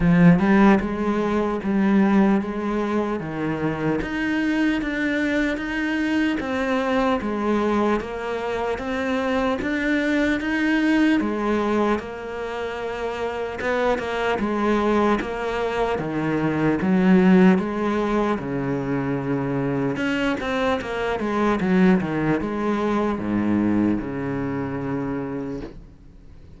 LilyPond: \new Staff \with { instrumentName = "cello" } { \time 4/4 \tempo 4 = 75 f8 g8 gis4 g4 gis4 | dis4 dis'4 d'4 dis'4 | c'4 gis4 ais4 c'4 | d'4 dis'4 gis4 ais4~ |
ais4 b8 ais8 gis4 ais4 | dis4 fis4 gis4 cis4~ | cis4 cis'8 c'8 ais8 gis8 fis8 dis8 | gis4 gis,4 cis2 | }